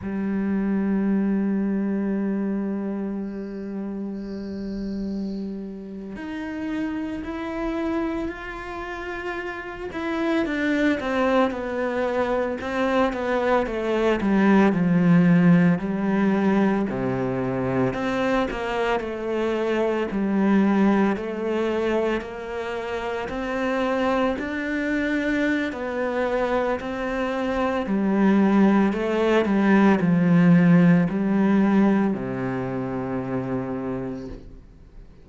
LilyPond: \new Staff \with { instrumentName = "cello" } { \time 4/4 \tempo 4 = 56 g1~ | g4.~ g16 dis'4 e'4 f'16~ | f'4~ f'16 e'8 d'8 c'8 b4 c'16~ | c'16 b8 a8 g8 f4 g4 c16~ |
c8. c'8 ais8 a4 g4 a16~ | a8. ais4 c'4 d'4~ d'16 | b4 c'4 g4 a8 g8 | f4 g4 c2 | }